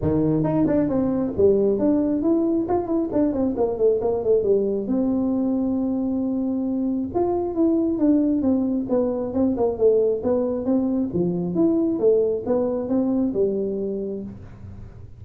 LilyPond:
\new Staff \with { instrumentName = "tuba" } { \time 4/4 \tempo 4 = 135 dis4 dis'8 d'8 c'4 g4 | d'4 e'4 f'8 e'8 d'8 c'8 | ais8 a8 ais8 a8 g4 c'4~ | c'1 |
f'4 e'4 d'4 c'4 | b4 c'8 ais8 a4 b4 | c'4 f4 e'4 a4 | b4 c'4 g2 | }